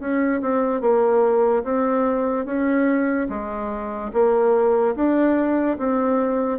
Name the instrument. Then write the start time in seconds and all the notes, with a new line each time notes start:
bassoon
0.00 C#4
0.42 C4
0.81 A#3
1.64 C4
2.45 C#4
3.30 G#3
4.13 A#3
4.96 D4
5.78 C4